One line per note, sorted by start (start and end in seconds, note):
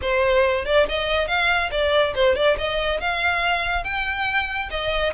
0.01 0.65 C5
0.65 0.86 D5
0.88 1.27 D#5
1.27 1.70 F5
1.71 2.14 D5
2.14 2.35 C5
2.35 2.57 D5
2.58 3.00 D#5
3.00 3.84 F5
3.84 4.69 G5
4.70 5.13 D#5